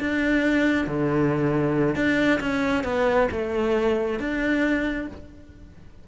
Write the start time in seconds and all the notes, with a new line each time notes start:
0.00 D4
0.87 D3
1.96 D4
2.40 C#4
2.84 B3
3.31 A3
4.19 D4